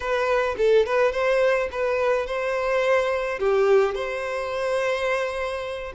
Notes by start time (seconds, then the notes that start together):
0.00 B4
0.57 A4
0.86 B4
1.12 C5
1.71 B4
2.26 C5
3.39 G4
3.94 C5